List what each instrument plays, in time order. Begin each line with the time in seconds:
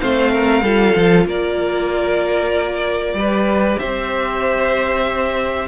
0.00 cello A3, viola C4, violin C5 F5
0.32 violin A#4
0.63 cello G3, viola F4, violin A4
0.96 cello F3
1.25 cello A#3, violin A#4 D5
3.14 cello G3, viola G4, violin B4
3.79 cello C4, violin C5 E5